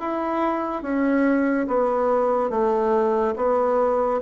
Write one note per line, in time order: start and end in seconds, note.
0.00 0.82 E4
0.82 1.67 C#4
1.67 2.50 B3
2.50 3.34 A3
3.36 4.21 B3